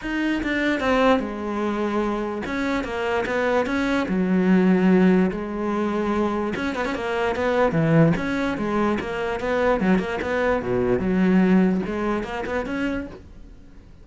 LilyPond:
\new Staff \with { instrumentName = "cello" } { \time 4/4 \tempo 4 = 147 dis'4 d'4 c'4 gis4~ | gis2 cis'4 ais4 | b4 cis'4 fis2~ | fis4 gis2. |
cis'8 b16 cis'16 ais4 b4 e4 | cis'4 gis4 ais4 b4 | fis8 ais8 b4 b,4 fis4~ | fis4 gis4 ais8 b8 cis'4 | }